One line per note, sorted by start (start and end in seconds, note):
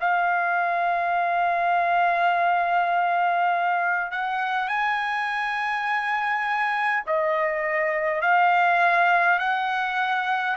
0.00 4.11 F5
4.11 4.68 F#5
4.68 7.03 G#5
7.06 8.21 D#5
8.21 9.39 F5
9.39 10.56 F#5